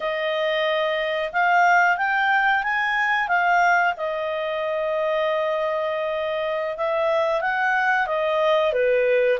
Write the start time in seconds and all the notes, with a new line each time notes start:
0.00 D#5
1.32 F5
1.97 G5
2.63 G#5
3.28 F5
3.97 D#5
6.77 E5
7.41 F#5
8.06 D#5
8.72 B4